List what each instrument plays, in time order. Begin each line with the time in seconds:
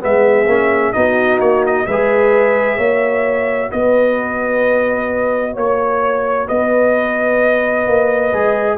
0.00 tuba G#3, trombone B3, horn G#4, trumpet E5
0.47 tuba A#3, trombone C#4
0.92 tuba B3, trombone D#4, horn F#4, trumpet D#5
1.39 tuba A#3, trumpet C#5
1.66 trumpet D#5
1.86 tuba G#3, trombone G#4, horn B4, trumpet E5
2.77 tuba A#3, trombone F#4, horn C#5
3.71 tuba B3, horn B4, trumpet D#5
5.53 tuba A#3, horn C#5, trumpet C#5
6.47 tuba B3, horn B4, trumpet D#5
7.87 tuba A#3
8.32 tuba G#3, trombone G#4